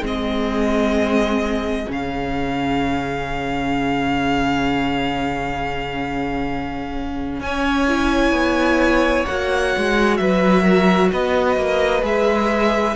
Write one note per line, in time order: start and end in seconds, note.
0.00 1.86 G#3
0.00 1.86 C4
0.00 7.38 G#4
0.06 1.91 D#5
1.86 7.40 C#3
1.86 7.86 C#4
1.86 7.42 F5
7.40 8.31 C#4
7.40 10.20 C#5
7.40 9.25 G#5
7.87 9.26 E4
8.31 9.24 B3
9.25 9.75 A#3
9.25 12.01 F#4
9.25 10.16 F#5
9.77 10.19 G#3
10.16 11.11 F#3
10.16 10.62 B4
10.16 11.09 E5
10.62 11.08 A#4
11.12 11.56 B3
11.12 12.95 B4
11.12 12.04 D#5
11.56 12.02 A#3
12.01 12.94 G#3
12.01 12.93 G#4
12.01 12.95 E5